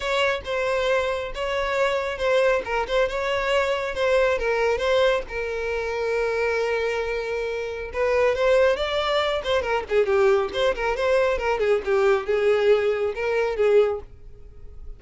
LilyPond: \new Staff \with { instrumentName = "violin" } { \time 4/4 \tempo 4 = 137 cis''4 c''2 cis''4~ | cis''4 c''4 ais'8 c''8 cis''4~ | cis''4 c''4 ais'4 c''4 | ais'1~ |
ais'2 b'4 c''4 | d''4. c''8 ais'8 gis'8 g'4 | c''8 ais'8 c''4 ais'8 gis'8 g'4 | gis'2 ais'4 gis'4 | }